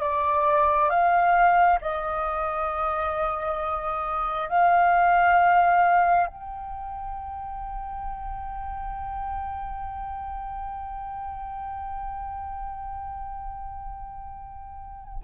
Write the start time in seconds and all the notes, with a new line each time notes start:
0.00 D5
0.90 F5
1.81 D#5
4.49 F5
6.26 G5